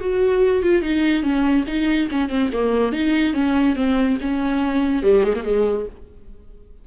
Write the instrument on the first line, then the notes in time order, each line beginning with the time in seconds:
viola
0.00 F#4
0.62 F4
0.82 D#4
1.22 C#4
1.67 D#4
2.11 C#4
2.29 C4
2.53 A#3
2.92 D#4
3.34 C#4
3.75 C4
4.21 C#4
5.02 G3
5.23 G#3
5.35 A#3
5.44 G#3